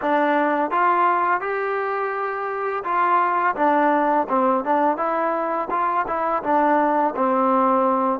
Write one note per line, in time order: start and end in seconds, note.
0.01 0.70 D4
0.70 1.41 F4
1.41 2.83 G4
2.83 3.55 F4
3.55 4.27 D4
4.29 4.64 C4
4.64 4.97 D4
4.97 5.68 E4
5.70 6.06 F4
6.07 6.43 E4
6.43 7.14 D4
7.16 8.19 C4